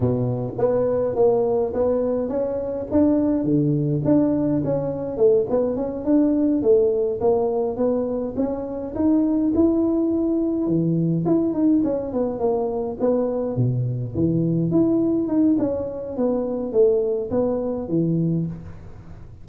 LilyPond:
\new Staff \with { instrumentName = "tuba" } { \time 4/4 \tempo 4 = 104 b,4 b4 ais4 b4 | cis'4 d'4 d4 d'4 | cis'4 a8 b8 cis'8 d'4 a8~ | a8 ais4 b4 cis'4 dis'8~ |
dis'8 e'2 e4 e'8 | dis'8 cis'8 b8 ais4 b4 b,8~ | b,8 e4 e'4 dis'8 cis'4 | b4 a4 b4 e4 | }